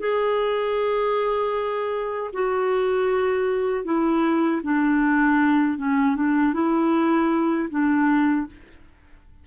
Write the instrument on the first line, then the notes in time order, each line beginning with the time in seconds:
clarinet
0.00 G#4
2.33 F#4
3.85 E4
4.63 D4
5.78 C#4
6.16 D4
6.54 E4
7.70 D4